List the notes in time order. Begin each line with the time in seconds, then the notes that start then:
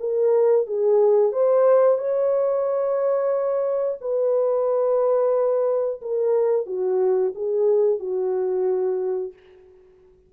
0.00 A#4
0.67 G#4
1.32 C5
1.98 C#5
4.01 B4
6.01 A#4
6.66 F#4
7.35 G#4
7.99 F#4